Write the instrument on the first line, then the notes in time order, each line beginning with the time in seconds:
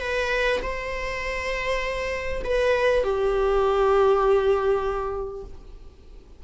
viola
0.00 B4
0.62 C5
2.44 B4
3.03 G4